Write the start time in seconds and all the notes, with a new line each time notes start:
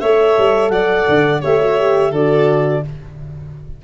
0.00 A3 A4 C#5 E5
0.38 G3
0.69 F#3 D5 F#5
1.09 D3
1.41 A3 G4 C#5 E5
1.61 F#4
1.79 G4
2.11 D3 F#4 A4 D5